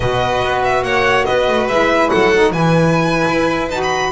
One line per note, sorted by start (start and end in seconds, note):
0.00 0.42 B2
0.00 1.71 F#4
0.00 0.84 B4
0.00 0.62 D#5
0.42 0.83 B3
0.63 0.83 E5
0.83 1.25 A#3
0.83 1.25 C#5
0.83 1.24 F#5
1.24 1.48 B3
1.24 2.10 B4
1.24 1.66 D#5
1.48 1.68 A3
1.68 2.10 G#3
1.68 2.33 E4
1.68 2.09 E5
2.09 2.52 F#3
2.09 2.51 A4
2.09 2.51 F#5
2.33 2.53 D#4
2.51 3.26 E3
2.51 3.70 E4
2.51 4.10 B4
2.51 3.69 G#5
3.28 3.69 E4
3.69 4.11 D#4
3.69 4.12 F#4
3.69 3.81 A5
3.82 4.12 B5